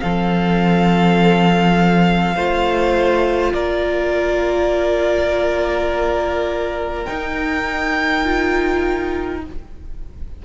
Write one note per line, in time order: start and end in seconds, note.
0.00 2.36 F3
0.00 2.36 C4
0.00 2.35 A4
0.00 3.53 F5
2.35 3.53 A3
2.35 7.07 F4
2.35 3.53 C5
3.53 7.06 A#3
3.53 9.42 A#4
3.53 7.05 D5
7.05 8.25 D#4
7.05 9.45 D#4
7.05 9.40 G5
8.25 9.42 F4